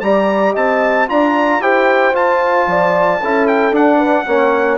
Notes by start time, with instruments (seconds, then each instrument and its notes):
0.00 bassoon G3, trombone G4, horn D5, trumpet A#5
0.52 bassoon C4, horn D#5, trumpet A5
1.08 bassoon D4, trombone F4, horn D5, trumpet A#5
1.60 bassoon E4, trombone G4, horn C5, trumpet G5
2.12 bassoon F4, trombone F4, trumpet A5
2.67 bassoon F3, horn D5
3.21 bassoon C#4, trombone E4, horn A4
3.47 trumpet G5
3.71 bassoon D4, trombone D4, trumpet F#5
3.96 horn B4
4.26 bassoon A#3, trombone C#4, horn C#5